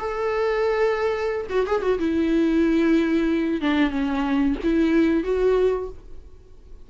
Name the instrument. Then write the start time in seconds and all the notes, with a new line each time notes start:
viola
0.00 A4
1.50 F#4
1.66 G#4
1.82 F#4
1.99 E4
3.61 D4
3.90 C#4
4.64 E4
5.24 F#4